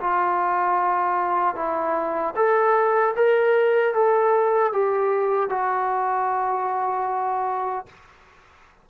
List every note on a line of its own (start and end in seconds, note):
0.00 1.55 F4
1.55 2.34 E4
2.35 3.14 A4
3.15 3.94 A#4
3.94 4.72 A4
4.72 5.49 G4
5.49 7.86 F#4